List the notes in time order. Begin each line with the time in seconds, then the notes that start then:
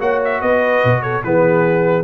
0.00 A#3 F#4 C#5 F#5
0.25 E5
0.41 B3 B4 D#5
0.85 B2
1.03 A4 C#5
1.24 E3 B3 G#4 B4